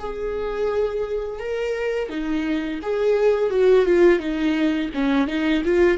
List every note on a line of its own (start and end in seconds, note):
0.00 1.40 G#4
1.40 2.10 A#4
2.10 2.80 D#4
2.83 3.51 G#4
3.51 3.86 F#4
3.86 4.20 F4
4.20 4.90 D#4
4.95 5.28 C#4
5.28 5.63 D#4
5.65 5.98 F4